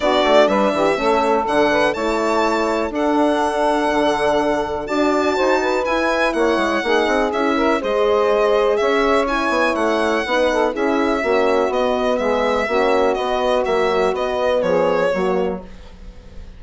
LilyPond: <<
  \new Staff \with { instrumentName = "violin" } { \time 4/4 \tempo 4 = 123 d''4 e''2 fis''4 | a''2 fis''2~ | fis''2 a''2 | gis''4 fis''2 e''4 |
dis''2 e''4 gis''4 | fis''2 e''2 | dis''4 e''2 dis''4 | e''4 dis''4 cis''2 | }
  \new Staff \with { instrumentName = "saxophone" } { \time 4/4 fis'4 b'8 g'8 a'4. b'8 | cis''2 a'2~ | a'2 d''4 c''8 b'8~ | b'4 cis''4 gis'4. ais'8 |
c''2 cis''2~ | cis''4 b'8 a'8 gis'4 fis'4~ | fis'4 gis'4 fis'2~ | fis'2 gis'4 fis'4 | }
  \new Staff \with { instrumentName = "horn" } { \time 4/4 d'2 cis'4 d'4 | e'2 d'2~ | d'2 fis'2 | e'2 dis'4 e'4 |
gis'2. e'4~ | e'4 dis'4 e'4 cis'4 | b2 cis'4 b4 | fis4 b2 ais4 | }
  \new Staff \with { instrumentName = "bassoon" } { \time 4/4 b8 a8 g8 e8 a4 d4 | a2 d'2 | d2 d'4 dis'4 | e'4 ais8 gis8 ais8 c'8 cis'4 |
gis2 cis'4. b8 | a4 b4 cis'4 ais4 | b4 gis4 ais4 b4 | ais4 b4 f4 fis4 | }
>>